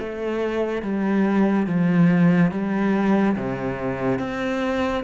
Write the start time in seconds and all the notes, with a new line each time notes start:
0.00 A3
0.83 G3
1.67 F3
2.52 G3
3.36 C3
4.19 C4